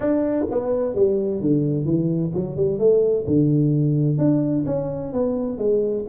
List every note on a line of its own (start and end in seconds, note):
0.00 0.45 D4
0.50 0.94 B3
0.94 1.40 G3
1.40 1.85 D3
1.85 2.31 E3
2.34 2.56 F#3
2.56 2.78 G3
2.78 3.25 A3
3.26 4.18 D3
4.18 4.64 D4
4.66 5.12 C#4
5.12 5.58 B3
5.58 6.04 G#3